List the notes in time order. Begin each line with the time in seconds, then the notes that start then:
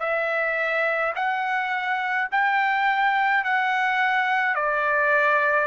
0.00 E5
1.15 F#5
2.31 G5
3.44 F#5
4.55 D5